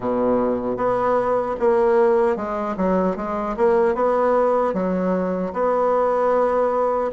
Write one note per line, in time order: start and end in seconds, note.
0.00 0.76 B2
0.76 1.55 B3
1.59 2.36 A#3
2.36 2.75 G#3
2.76 3.16 F#3
3.16 3.55 G#3
3.56 3.94 A#3
3.94 4.73 B3
4.73 5.52 F#3
5.53 7.11 B3